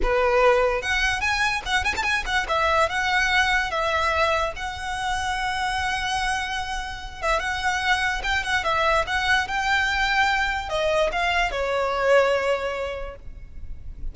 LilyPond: \new Staff \with { instrumentName = "violin" } { \time 4/4 \tempo 4 = 146 b'2 fis''4 gis''4 | fis''8 gis''16 a''16 gis''8 fis''8 e''4 fis''4~ | fis''4 e''2 fis''4~ | fis''1~ |
fis''4. e''8 fis''2 | g''8 fis''8 e''4 fis''4 g''4~ | g''2 dis''4 f''4 | cis''1 | }